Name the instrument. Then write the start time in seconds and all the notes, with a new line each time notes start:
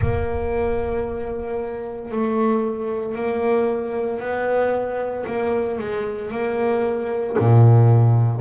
double bass
0.00 A#3
2.11 A3
3.15 A#3
4.20 B3
5.26 A#3
5.78 G#3
6.31 A#3
7.38 A#2